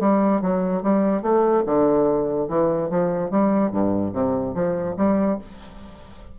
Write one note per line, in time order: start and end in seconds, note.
0.00 0.41 G3
0.41 0.83 F#3
0.83 1.22 G3
1.22 1.63 A3
1.66 2.48 D3
2.48 2.90 E3
2.90 3.31 F3
3.31 3.72 G3
3.72 4.13 G2
4.13 4.55 C3
4.55 4.96 F3
4.97 5.38 G3